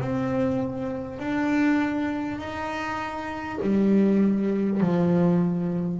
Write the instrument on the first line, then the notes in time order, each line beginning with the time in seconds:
double bass
0.00 C4
1.18 D4
2.38 D#4
3.61 G3
4.80 F3